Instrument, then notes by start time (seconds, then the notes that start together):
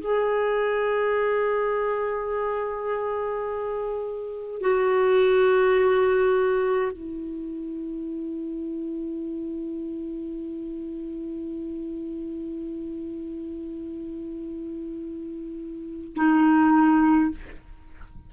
clarinet
0.00 G#4
4.61 F#4
6.92 E4
16.15 D#4